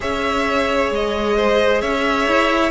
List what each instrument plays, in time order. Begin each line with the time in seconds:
0.00 cello C#4, viola G#4, violin C#5 E5
0.91 cello G#3, violin D#5
1.37 violin C5
1.81 cello C#4, violin C#5 E5
2.27 cello E4